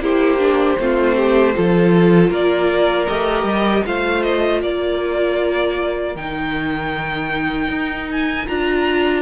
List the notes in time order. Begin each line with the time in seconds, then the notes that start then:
0.00 A#3 E4 G4 C5
0.39 D4
0.79 A3 C4 F4
1.16 G4
1.54 F3 F4 A4
2.30 A#3 A#4 D5
3.08 A3 G4 D#5
3.44 G3
3.86 A3 F4 C5 F5
4.24 D#5
4.62 A#3 A#4 D5
6.16 D#3 D#4 G5
7.68 D#4
8.12 G#5
8.48 D4 F4 A#5